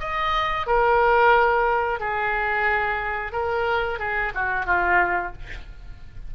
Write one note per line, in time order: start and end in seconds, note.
0.00 0.67 D#5
0.67 2.00 A#4
2.00 3.32 G#4
3.32 3.99 A#4
3.99 4.33 G#4
4.35 4.66 F#4
4.66 5.33 F4